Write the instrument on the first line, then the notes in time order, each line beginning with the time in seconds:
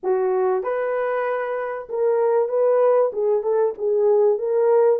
horn
0.03 F#4
0.63 B4
1.89 A#4
2.48 B4
3.12 G#4
3.42 A4
3.78 G#4
4.38 A#4